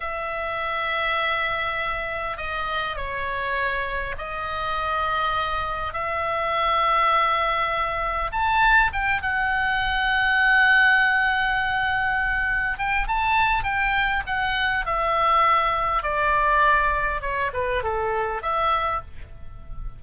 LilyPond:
\new Staff \with { instrumentName = "oboe" } { \time 4/4 \tempo 4 = 101 e''1 | dis''4 cis''2 dis''4~ | dis''2 e''2~ | e''2 a''4 g''8 fis''8~ |
fis''1~ | fis''4. g''8 a''4 g''4 | fis''4 e''2 d''4~ | d''4 cis''8 b'8 a'4 e''4 | }